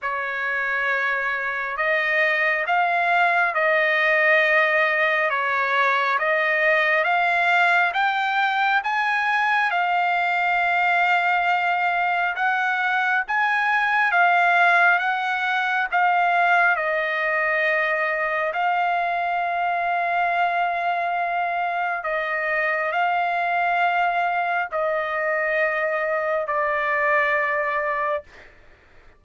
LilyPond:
\new Staff \with { instrumentName = "trumpet" } { \time 4/4 \tempo 4 = 68 cis''2 dis''4 f''4 | dis''2 cis''4 dis''4 | f''4 g''4 gis''4 f''4~ | f''2 fis''4 gis''4 |
f''4 fis''4 f''4 dis''4~ | dis''4 f''2.~ | f''4 dis''4 f''2 | dis''2 d''2 | }